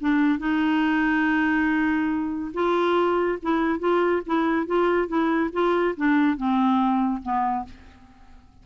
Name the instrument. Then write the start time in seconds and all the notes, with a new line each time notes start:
clarinet
0.00 D4
0.39 D#4
2.53 F4
3.42 E4
3.79 F4
4.26 E4
4.66 F4
5.08 E4
5.52 F4
5.97 D4
6.37 C4
7.22 B3